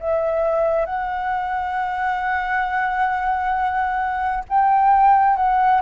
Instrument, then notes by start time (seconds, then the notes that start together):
flute
0.00 E5
0.86 F#5
4.49 G5
5.37 F#5